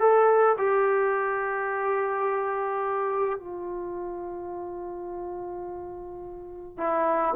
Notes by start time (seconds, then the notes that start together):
0.00 A4
0.58 G4
3.39 F4
6.78 E4